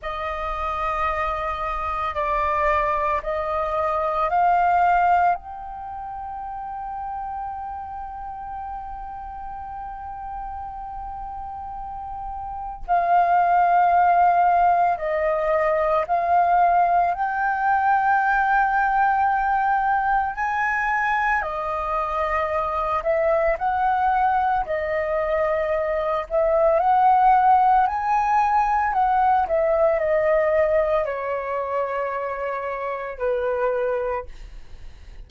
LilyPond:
\new Staff \with { instrumentName = "flute" } { \time 4/4 \tempo 4 = 56 dis''2 d''4 dis''4 | f''4 g''2.~ | g''1 | f''2 dis''4 f''4 |
g''2. gis''4 | dis''4. e''8 fis''4 dis''4~ | dis''8 e''8 fis''4 gis''4 fis''8 e''8 | dis''4 cis''2 b'4 | }